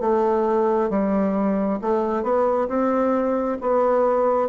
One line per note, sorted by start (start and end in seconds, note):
0.00 0.90 A3
0.90 1.80 G3
1.82 2.23 A3
2.23 2.68 B3
2.68 3.58 C4
3.61 4.49 B3